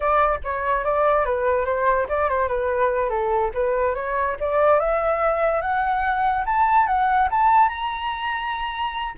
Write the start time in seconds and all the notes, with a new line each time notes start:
0.00 D5
0.44 C#5
0.84 D5
1.25 B4
1.65 C5
2.08 D5
2.29 C5
2.48 B4
3.09 A4
3.54 B4
3.95 C#5
4.40 D5
4.79 E5
5.61 F#5
6.45 A5
6.86 F#5
7.30 A5
7.69 A#5